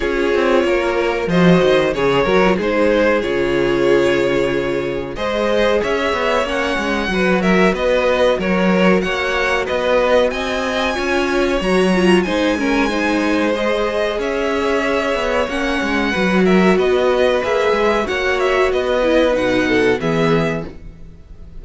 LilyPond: <<
  \new Staff \with { instrumentName = "violin" } { \time 4/4 \tempo 4 = 93 cis''2 dis''4 gis'8 ais'8 | c''4 cis''2. | dis''4 e''4 fis''4. e''8 | dis''4 cis''4 fis''4 dis''4 |
gis''2 ais''4 gis''4~ | gis''4 dis''4 e''2 | fis''4. e''8 dis''4 e''4 | fis''8 e''8 dis''4 fis''4 e''4 | }
  \new Staff \with { instrumentName = "violin" } { \time 4/4 gis'4 ais'4 c''4 cis''4 | gis'1 | c''4 cis''2 b'8 ais'8 | b'4 ais'4 cis''4 b'4 |
dis''4 cis''2 c''8 ais'8 | c''2 cis''2~ | cis''4 b'8 ais'8 b'2 | cis''4 b'4. a'8 gis'4 | }
  \new Staff \with { instrumentName = "viola" } { \time 4/4 f'2 fis'4 gis'8 fis'16 f'16 | dis'4 f'2. | gis'2 cis'4 fis'4~ | fis'1~ |
fis'4 f'4 fis'8 f'8 dis'8 cis'8 | dis'4 gis'2. | cis'4 fis'2 gis'4 | fis'4. e'8 dis'4 b4 | }
  \new Staff \with { instrumentName = "cello" } { \time 4/4 cis'8 c'8 ais4 f8 dis8 cis8 fis8 | gis4 cis2. | gis4 cis'8 b8 ais8 gis8 fis4 | b4 fis4 ais4 b4 |
c'4 cis'4 fis4 gis4~ | gis2 cis'4. b8 | ais8 gis8 fis4 b4 ais8 gis8 | ais4 b4 b,4 e4 | }
>>